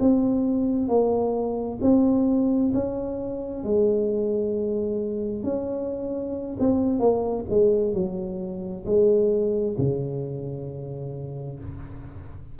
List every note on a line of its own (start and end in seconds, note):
0.00 0.88 C4
0.88 1.79 A#3
1.82 2.73 C4
2.74 3.64 C#4
3.64 5.44 G#3
5.44 6.57 C#4
6.60 7.00 C4
7.00 7.45 A#3
7.50 7.94 G#3
7.94 8.85 F#3
8.86 9.77 G#3
9.78 11.60 C#3